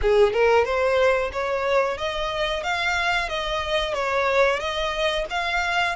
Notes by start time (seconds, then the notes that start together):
0.01 G#4
0.32 A#4
0.64 C5
1.32 C#5
1.97 D#5
2.63 F5
3.28 D#5
3.94 C#5
4.59 D#5
5.30 F5